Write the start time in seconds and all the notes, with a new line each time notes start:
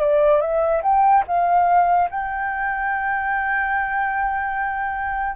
0.00 D5
0.41 E5
0.83 G5
1.27 F5
2.10 G5